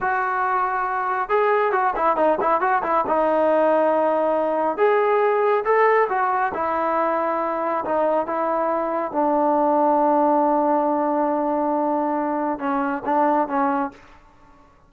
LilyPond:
\new Staff \with { instrumentName = "trombone" } { \time 4/4 \tempo 4 = 138 fis'2. gis'4 | fis'8 e'8 dis'8 e'8 fis'8 e'8 dis'4~ | dis'2. gis'4~ | gis'4 a'4 fis'4 e'4~ |
e'2 dis'4 e'4~ | e'4 d'2.~ | d'1~ | d'4 cis'4 d'4 cis'4 | }